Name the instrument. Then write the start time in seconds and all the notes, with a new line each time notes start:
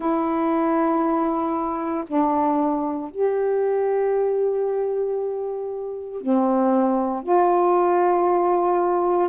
saxophone
0.00 E4
2.07 D4
3.10 G4
6.21 C4
7.23 F4